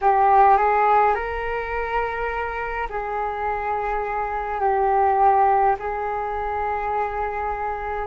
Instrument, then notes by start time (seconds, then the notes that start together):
flute
0.01 G4
0.57 G#4
1.14 A#4
2.89 G#4
4.60 G4
5.79 G#4